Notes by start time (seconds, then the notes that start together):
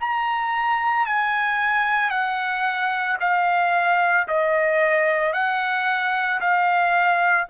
0.00 A#5
1.06 G#5
2.10 F#5
3.20 F5
4.28 D#5
5.33 F#5
6.40 F5